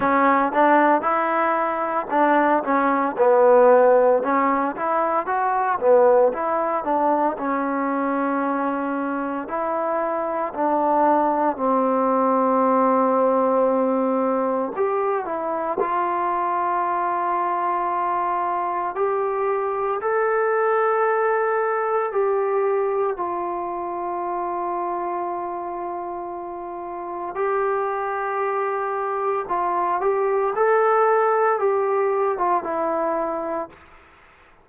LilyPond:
\new Staff \with { instrumentName = "trombone" } { \time 4/4 \tempo 4 = 57 cis'8 d'8 e'4 d'8 cis'8 b4 | cis'8 e'8 fis'8 b8 e'8 d'8 cis'4~ | cis'4 e'4 d'4 c'4~ | c'2 g'8 e'8 f'4~ |
f'2 g'4 a'4~ | a'4 g'4 f'2~ | f'2 g'2 | f'8 g'8 a'4 g'8. f'16 e'4 | }